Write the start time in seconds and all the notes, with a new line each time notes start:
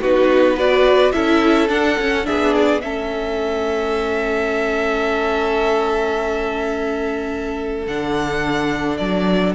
0.00 B3 D#4 F#4 B4
0.56 F#4 B4 D5
1.11 C#4 E4 A4 E5
1.68 D4 F#5
1.98 C#4
2.23 B3 D4 G#4 E5
2.53 D5
2.80 A3 C#4 A4 E5
7.86 D3 D4 F#5
8.96 F#3 D5